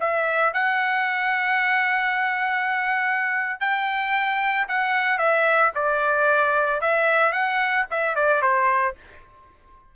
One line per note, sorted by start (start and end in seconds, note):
0.00 0.53 E5
0.53 3.60 F#5
3.60 4.67 G5
4.68 5.18 F#5
5.18 5.71 E5
5.74 6.81 D5
6.81 7.32 E5
7.32 7.85 F#5
7.90 8.15 E5
8.15 8.42 D5
8.42 8.95 C5